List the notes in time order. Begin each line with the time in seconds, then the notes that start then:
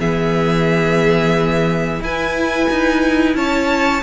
0.00 E3 B3 G#4 E5
2.00 E4 B4 G#5
2.71 D#4
3.35 C#4 C#5 A5